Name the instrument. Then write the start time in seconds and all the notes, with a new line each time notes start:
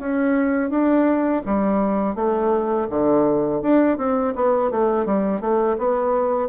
bassoon
0.00 C#4
0.70 D4
1.46 G3
2.16 A3
2.90 D3
3.62 D4
3.98 C4
4.35 B3
4.71 A3
5.06 G3
5.41 A3
5.78 B3